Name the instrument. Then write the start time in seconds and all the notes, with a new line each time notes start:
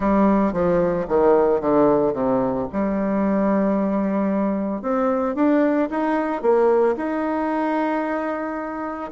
bassoon
0.00 G3
0.52 F3
1.08 D#3
1.60 D3
2.13 C3
2.72 G3
4.82 C4
5.35 D4
5.90 D#4
6.41 A#3
6.96 D#4